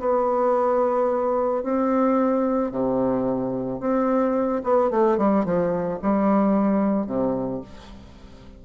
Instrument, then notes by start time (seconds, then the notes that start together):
bassoon
0.00 B3
1.64 C4
2.72 C3
3.81 C4
4.64 B3
4.91 A3
5.18 G3
5.45 F3
6.02 G3
7.07 C3